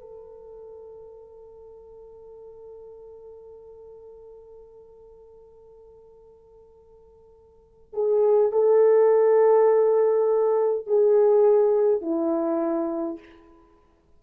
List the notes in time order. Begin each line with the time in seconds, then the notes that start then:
0.00 A4
7.93 G#4
8.51 A4
10.87 G#4
12.01 E4